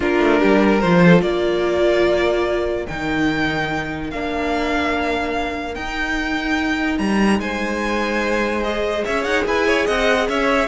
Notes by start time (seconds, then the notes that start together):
0.00 A#3 D4 F4 A#4
0.19 A3
0.39 G3 G4
0.63 A#4
0.80 F3 F4 C5
1.04 A4
1.22 A#3 A#4 D5
2.87 D#3 D#4 G5
4.10 A#3 D4 F5
5.74 D#4 G5
6.98 G3 A#5
7.39 G#3 C5 G#5
8.63 G#4 D#5
9.04 C#4 C#5 E5
9.23 D#4 F#5
9.45 E4 B4 G#5
9.66 C#5
9.86 C4 D#5 F#5
10.28 C#4 C#5 E5